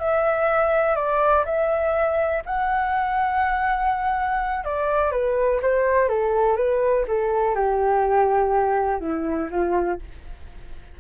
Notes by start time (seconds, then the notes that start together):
0.00 E5
0.96 D5
1.46 E5
2.46 F#5
4.65 D5
5.12 B4
5.63 C5
6.09 A4
6.57 B4
7.08 A4
7.55 G4
9.01 E4
9.51 F4